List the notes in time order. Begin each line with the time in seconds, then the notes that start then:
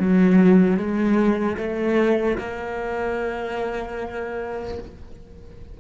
0.00 F#3
0.77 G#3
1.58 A3
2.39 A#3